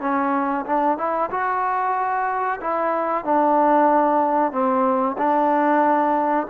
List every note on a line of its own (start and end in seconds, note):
0.00 0.65 C#4
0.65 0.97 D4
0.97 1.30 E4
1.30 2.59 F#4
2.60 3.24 E4
3.24 4.51 D4
4.51 5.16 C4
5.18 6.47 D4